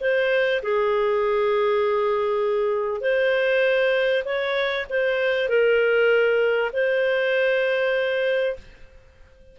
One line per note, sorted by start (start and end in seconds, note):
0.00 0.61 C5
0.63 3.01 G#4
3.01 4.23 C5
4.25 4.86 C#5
4.90 5.49 C5
5.49 6.71 A#4
6.73 8.56 C5